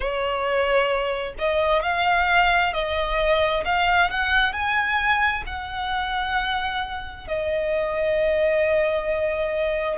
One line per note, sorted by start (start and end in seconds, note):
0.00 1.33 C#5
1.38 1.82 D#5
1.82 2.73 F5
2.73 3.64 D#5
3.64 4.10 F5
4.10 4.52 F#5
4.52 5.43 G#5
5.46 7.27 F#5
7.27 9.98 D#5